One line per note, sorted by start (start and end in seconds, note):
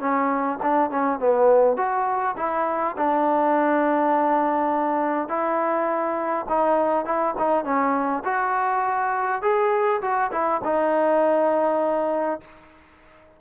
0.00 0.59 C#4
0.62 0.90 D4
0.90 1.19 C#4
1.19 1.77 B3
1.77 2.36 F#4
2.37 2.96 E4
2.97 5.28 D4
5.28 6.46 E4
6.48 7.05 D#4
7.05 7.34 E4
7.38 7.64 D#4
7.64 8.23 C#4
8.24 9.42 F#4
9.42 10.01 G#4
10.01 10.31 F#4
10.32 10.61 E4
10.64 12.40 D#4